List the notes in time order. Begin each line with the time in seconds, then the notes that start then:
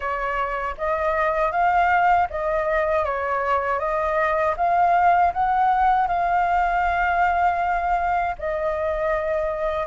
0.00 C#5
0.77 D#5
1.51 F5
2.30 D#5
3.04 C#5
3.79 D#5
4.56 F5
5.33 F#5
6.07 F5
8.38 D#5